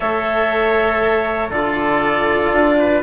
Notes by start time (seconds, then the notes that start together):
0.00 A3 A4 C#5 E5
1.50 D3 F4 A4 D5
2.52 D4
2.78 B4